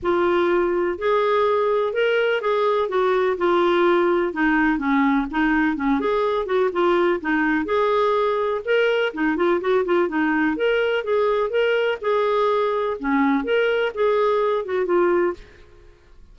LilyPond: \new Staff \with { instrumentName = "clarinet" } { \time 4/4 \tempo 4 = 125 f'2 gis'2 | ais'4 gis'4 fis'4 f'4~ | f'4 dis'4 cis'4 dis'4 | cis'8 gis'4 fis'8 f'4 dis'4 |
gis'2 ais'4 dis'8 f'8 | fis'8 f'8 dis'4 ais'4 gis'4 | ais'4 gis'2 cis'4 | ais'4 gis'4. fis'8 f'4 | }